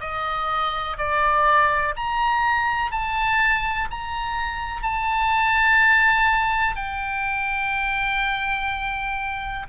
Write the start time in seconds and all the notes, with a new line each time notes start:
0.00 D#5
0.98 D5
1.96 A#5
2.91 A5
3.90 A#5
4.82 A5
6.75 G5